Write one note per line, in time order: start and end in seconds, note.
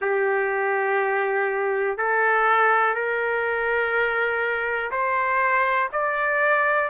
0.00 1.97 G4
1.97 2.94 A4
2.94 4.90 A#4
4.91 5.89 C5
5.92 6.89 D5